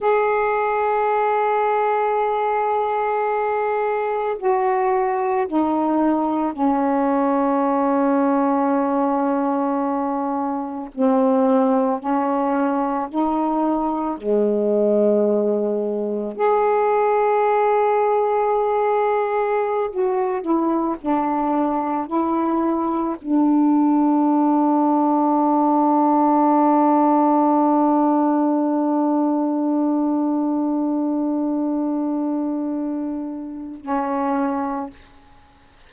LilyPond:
\new Staff \with { instrumentName = "saxophone" } { \time 4/4 \tempo 4 = 55 gis'1 | fis'4 dis'4 cis'2~ | cis'2 c'4 cis'4 | dis'4 gis2 gis'4~ |
gis'2~ gis'16 fis'8 e'8 d'8.~ | d'16 e'4 d'2~ d'8.~ | d'1~ | d'2. cis'4 | }